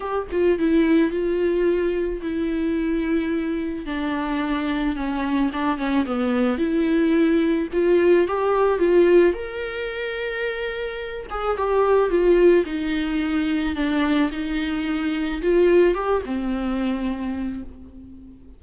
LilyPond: \new Staff \with { instrumentName = "viola" } { \time 4/4 \tempo 4 = 109 g'8 f'8 e'4 f'2 | e'2. d'4~ | d'4 cis'4 d'8 cis'8 b4 | e'2 f'4 g'4 |
f'4 ais'2.~ | ais'8 gis'8 g'4 f'4 dis'4~ | dis'4 d'4 dis'2 | f'4 g'8 c'2~ c'8 | }